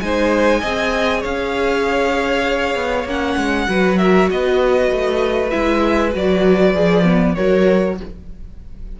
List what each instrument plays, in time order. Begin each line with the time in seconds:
0.00 cello G#3, viola D#4, violin C5 G#5
0.60 cello C4, viola G#4, violin D#5
1.20 cello C#4, violin C#5 F5
2.75 cello B3
3.04 cello A#3, viola C#4, violin F#5
3.37 cello G#3
3.67 cello F#3, viola F#4, violin B4
3.98 violin A#4 E5
4.30 cello B3, violin B4 D#5
4.91 cello A3
5.50 cello G#3, viola E4, violin E5
6.12 cello F#3, viola F#4, violin D5
6.73 cello F3, viola G#4
7.04 viola B3
7.35 cello F#3, viola F#4, violin A#4 C#5